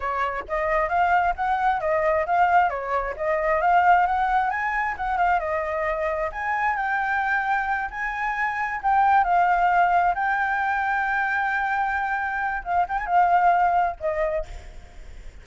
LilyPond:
\new Staff \with { instrumentName = "flute" } { \time 4/4 \tempo 4 = 133 cis''4 dis''4 f''4 fis''4 | dis''4 f''4 cis''4 dis''4 | f''4 fis''4 gis''4 fis''8 f''8 | dis''2 gis''4 g''4~ |
g''4. gis''2 g''8~ | g''8 f''2 g''4.~ | g''1 | f''8 g''16 gis''16 f''2 dis''4 | }